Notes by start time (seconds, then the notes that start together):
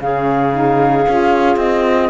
0.00 C#3 C#4 G#4 F5
0.52 D#4
1.07 C#4 F4
1.56 C4 D#5